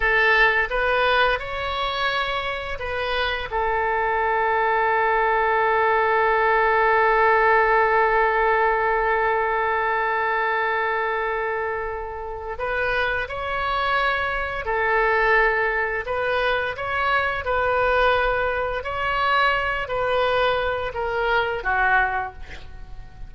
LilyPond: \new Staff \with { instrumentName = "oboe" } { \time 4/4 \tempo 4 = 86 a'4 b'4 cis''2 | b'4 a'2.~ | a'1~ | a'1~ |
a'2 b'4 cis''4~ | cis''4 a'2 b'4 | cis''4 b'2 cis''4~ | cis''8 b'4. ais'4 fis'4 | }